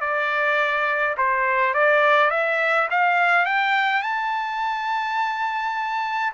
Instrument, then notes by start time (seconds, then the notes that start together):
trumpet
0.00 D5
1.17 C5
1.74 D5
2.30 E5
2.90 F5
3.45 G5
4.02 A5